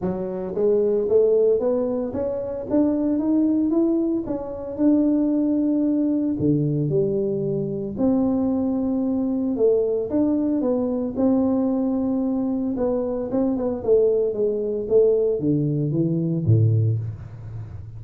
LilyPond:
\new Staff \with { instrumentName = "tuba" } { \time 4/4 \tempo 4 = 113 fis4 gis4 a4 b4 | cis'4 d'4 dis'4 e'4 | cis'4 d'2. | d4 g2 c'4~ |
c'2 a4 d'4 | b4 c'2. | b4 c'8 b8 a4 gis4 | a4 d4 e4 a,4 | }